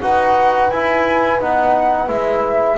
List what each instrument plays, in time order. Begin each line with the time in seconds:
0.00 double bass D#4, trombone F#4, horn B4, flute F#5
0.70 double bass E4, trombone E4, flute G#5
1.39 double bass B3, trombone D#4, flute F#5
2.08 double bass G#3, trombone E4, flute E5